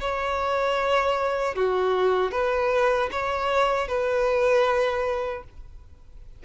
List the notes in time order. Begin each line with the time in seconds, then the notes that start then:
0.00 C#5
1.55 F#4
2.31 B4
3.11 C#5
3.87 B4